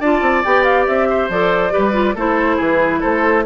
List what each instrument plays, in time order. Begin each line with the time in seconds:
0.00 bassoon D4, clarinet F4, oboe D5, flute A5
0.21 bassoon C4
0.44 bassoon B3, clarinet G4, flute G5
0.63 flute F5
0.86 bassoon C4, flute E5
1.09 oboe C5
1.29 bassoon F3, clarinet A4, flute D5
1.71 clarinet G4, oboe B4
1.77 bassoon G3
1.93 clarinet F4
2.15 bassoon A3, clarinet E4, oboe A4, flute C5
2.56 bassoon E3, oboe G#4
2.62 flute B4
3.00 bassoon A3, oboe A4, flute C5